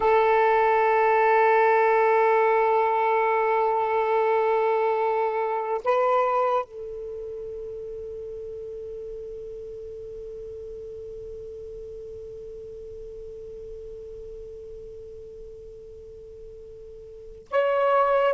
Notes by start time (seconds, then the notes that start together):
0.00 A4
5.84 B4
6.64 A4
17.50 C#5